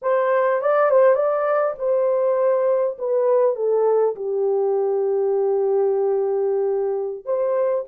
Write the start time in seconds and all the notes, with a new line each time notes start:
0.01 C5
0.61 D5
0.90 C5
1.15 D5
1.78 C5
2.98 B4
3.55 A4
4.15 G4
7.25 C5